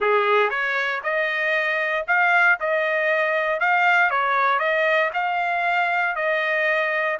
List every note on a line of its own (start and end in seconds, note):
0.00 0.50 G#4
0.50 1.01 C#5
1.03 2.05 D#5
2.07 2.58 F5
2.60 3.59 D#5
3.59 4.10 F5
4.10 4.59 C#5
4.59 5.10 D#5
5.13 6.15 F5
6.15 7.18 D#5